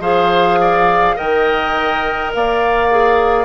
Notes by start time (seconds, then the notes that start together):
0.00 F3 G#4 C5 F5
0.61 D5
1.16 D#3 A#4 D#5 G5
2.35 A#3 D5 F5
2.91 G#4